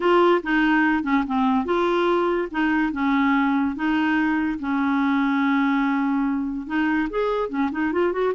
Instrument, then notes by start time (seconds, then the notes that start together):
clarinet
0.00 F4
0.43 D#4
1.03 C#4
1.26 C4
1.65 F4
2.51 D#4
2.92 C#4
3.75 D#4
4.59 C#4
6.66 D#4
7.09 G#4
7.49 C#4
7.71 D#4
7.92 F4
8.12 F#4